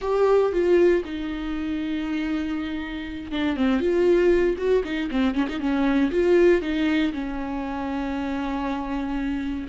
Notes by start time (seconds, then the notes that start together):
0.01 G4
0.52 F4
1.04 D#4
3.31 D4
3.56 C4
3.80 F4
4.57 F#4
4.84 D#4
5.11 C4
5.34 C#4
5.48 D#4
5.59 C#4
6.11 F4
6.61 D#4
7.12 C#4